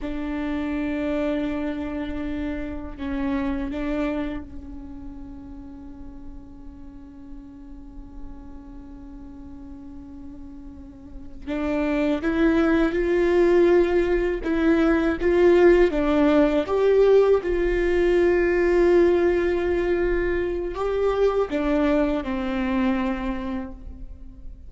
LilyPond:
\new Staff \with { instrumentName = "viola" } { \time 4/4 \tempo 4 = 81 d'1 | cis'4 d'4 cis'2~ | cis'1~ | cis'2.~ cis'8 d'8~ |
d'8 e'4 f'2 e'8~ | e'8 f'4 d'4 g'4 f'8~ | f'1 | g'4 d'4 c'2 | }